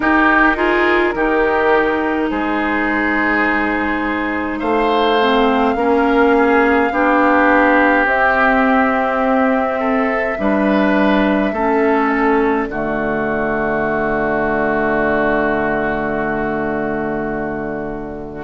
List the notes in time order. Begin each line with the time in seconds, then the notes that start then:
0.00 D#4 G4 A#4
0.56 F4 G#4
1.14 D#3 D#4 G4
2.29 G#3 G#4 C5
4.59 A3 C5 F5
5.20 C4
5.75 A#3 C#4 A#4
6.37 G#4
6.91 B3 D4 G4
8.05 C4 E5
9.79 A4
10.38 G3 D4 B4
11.51 A3 C#4 A4
12.09 D5
12.68 D3 A3 F#4